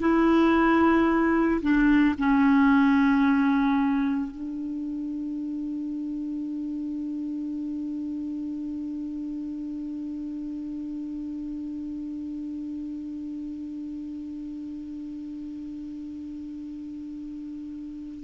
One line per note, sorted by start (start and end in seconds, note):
0.00 1.61 E4
1.62 2.16 D4
2.19 4.31 C#4
4.31 18.24 D4